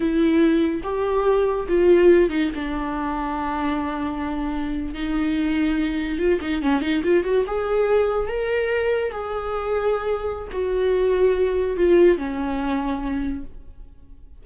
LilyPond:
\new Staff \with { instrumentName = "viola" } { \time 4/4 \tempo 4 = 143 e'2 g'2 | f'4. dis'8 d'2~ | d'2.~ d'8. dis'16~ | dis'2~ dis'8. f'8 dis'8 cis'16~ |
cis'16 dis'8 f'8 fis'8 gis'2 ais'16~ | ais'4.~ ais'16 gis'2~ gis'16~ | gis'4 fis'2. | f'4 cis'2. | }